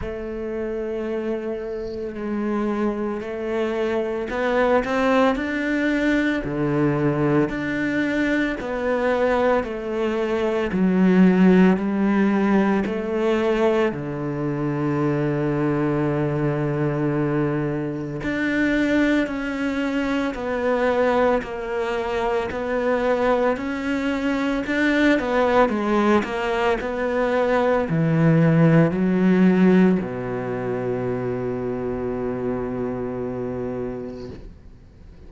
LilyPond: \new Staff \with { instrumentName = "cello" } { \time 4/4 \tempo 4 = 56 a2 gis4 a4 | b8 c'8 d'4 d4 d'4 | b4 a4 fis4 g4 | a4 d2.~ |
d4 d'4 cis'4 b4 | ais4 b4 cis'4 d'8 b8 | gis8 ais8 b4 e4 fis4 | b,1 | }